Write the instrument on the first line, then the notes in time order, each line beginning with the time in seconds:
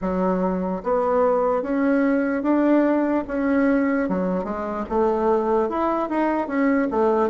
bassoon
0.01 F#3
0.83 B3
1.62 C#4
2.43 D4
3.27 C#4
4.08 F#3
4.44 G#3
4.89 A3
5.69 E4
6.09 D#4
6.47 C#4
6.90 A3